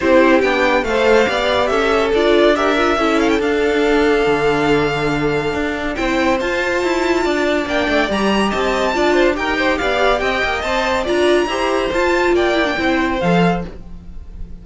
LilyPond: <<
  \new Staff \with { instrumentName = "violin" } { \time 4/4 \tempo 4 = 141 c''4 g''4 f''2 | e''4 d''4 e''4. f''16 g''16 | f''1~ | f''2 g''4 a''4~ |
a''2 g''4 ais''4 | a''2 g''4 f''4 | g''4 a''4 ais''2 | a''4 g''2 f''4 | }
  \new Staff \with { instrumentName = "violin" } { \time 4/4 g'2 c''4 d''4 | a'2 ais'4 a'4~ | a'1~ | a'2 c''2~ |
c''4 d''2. | dis''4 d''8 c''8 ais'8 c''8 d''4 | dis''2 d''4 c''4~ | c''4 d''4 c''2 | }
  \new Staff \with { instrumentName = "viola" } { \time 4/4 e'4 d'4 a'4 g'4~ | g'4 f'4 g'8 f'8 e'4 | d'1~ | d'2 e'4 f'4~ |
f'2 d'4 g'4~ | g'4 f'4 g'2~ | g'4 c''4 f'4 g'4 | f'4. e'16 d'16 e'4 a'4 | }
  \new Staff \with { instrumentName = "cello" } { \time 4/4 c'4 b4 a4 b4 | cis'4 d'2 cis'4 | d'2 d2~ | d4 d'4 c'4 f'4 |
e'4 d'4 ais8 a8 g4 | c'4 d'4 dis'4 b4 | c'8 ais8 c'4 d'4 e'4 | f'4 ais4 c'4 f4 | }
>>